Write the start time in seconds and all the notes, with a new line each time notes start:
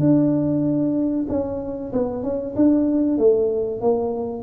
0.00 D4
1.29 C#4
1.93 B3
2.24 C#4
2.56 D4
3.18 A3
3.81 A#3